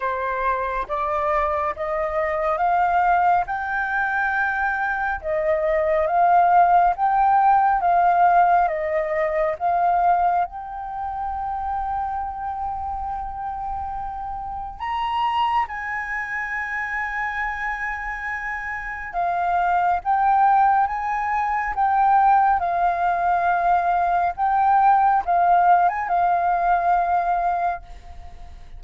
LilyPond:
\new Staff \with { instrumentName = "flute" } { \time 4/4 \tempo 4 = 69 c''4 d''4 dis''4 f''4 | g''2 dis''4 f''4 | g''4 f''4 dis''4 f''4 | g''1~ |
g''4 ais''4 gis''2~ | gis''2 f''4 g''4 | gis''4 g''4 f''2 | g''4 f''8. gis''16 f''2 | }